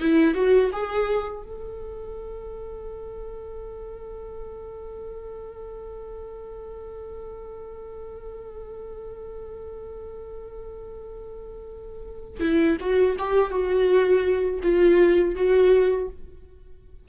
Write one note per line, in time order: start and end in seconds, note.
0.00 0.34 E4
0.34 0.71 F#4
0.72 1.43 G#4
1.43 12.40 A4
12.40 12.77 E4
12.80 13.16 F#4
13.18 13.51 G4
13.51 14.60 F#4
14.62 15.35 F4
15.35 16.08 F#4